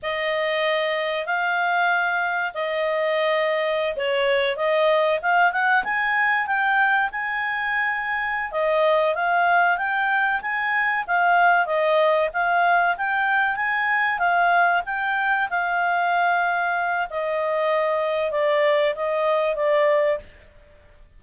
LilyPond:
\new Staff \with { instrumentName = "clarinet" } { \time 4/4 \tempo 4 = 95 dis''2 f''2 | dis''2~ dis''16 cis''4 dis''8.~ | dis''16 f''8 fis''8 gis''4 g''4 gis''8.~ | gis''4. dis''4 f''4 g''8~ |
g''8 gis''4 f''4 dis''4 f''8~ | f''8 g''4 gis''4 f''4 g''8~ | g''8 f''2~ f''8 dis''4~ | dis''4 d''4 dis''4 d''4 | }